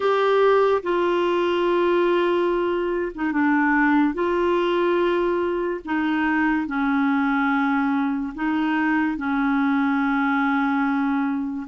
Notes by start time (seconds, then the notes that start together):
0.00 G4
0.82 F4
3.14 D#4
3.31 D4
4.14 F4
5.84 D#4
6.67 C#4
8.34 D#4
9.17 C#4